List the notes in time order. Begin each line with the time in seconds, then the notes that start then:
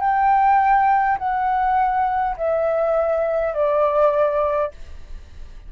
0.00 G5
1.18 F#5
2.37 E5
3.53 D5